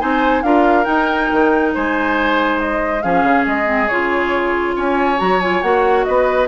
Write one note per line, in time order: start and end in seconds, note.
0.00 0.43 C4
0.00 0.43 D#4
0.00 0.44 C5
0.00 0.42 G#5
0.42 0.86 D4
0.42 0.85 F4
0.42 1.74 A#4
0.42 0.85 F5
0.85 3.00 D#4
0.85 1.30 D#4
0.85 1.71 G5
1.32 1.75 D#3
1.74 3.04 G#3
1.74 3.03 C5
1.74 2.59 G#5
2.59 3.02 D#5
3.02 3.24 F3
3.02 3.65 C#4
3.02 4.76 G#4
3.02 3.45 F5
3.24 3.45 C#3
3.46 3.89 G#3
3.46 3.88 D#5
3.65 3.87 C4
3.88 4.76 C#3
3.88 5.18 F4
3.88 4.74 C#5
4.76 5.20 C#4
4.76 6.05 C#5
4.76 5.19 G#5
5.18 5.63 F#3
5.18 5.39 F#4
5.18 5.41 A#5
5.41 5.63 F4
5.41 5.62 G#5
5.62 6.06 A#3
5.62 6.48 F#4
5.62 6.04 F#5
6.04 6.48 B3
6.04 6.48 B4
6.04 6.47 D#5